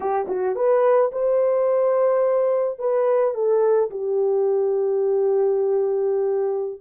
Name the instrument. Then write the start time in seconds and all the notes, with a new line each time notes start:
horn
0.00 G4
0.28 F#4
0.55 B4
1.12 C5
2.78 B4
3.34 A4
3.90 G4